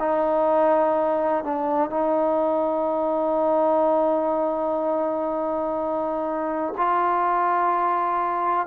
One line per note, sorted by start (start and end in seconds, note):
0.00 1.45 D#4
1.45 1.90 D4
1.90 6.74 D#4
6.78 8.67 F4